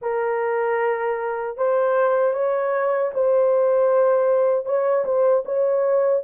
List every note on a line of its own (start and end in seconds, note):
0.01 1.57 A#4
1.57 2.33 C5
2.33 3.11 C#5
3.14 4.65 C5
4.65 5.04 C#5
5.04 5.43 C5
5.45 6.23 C#5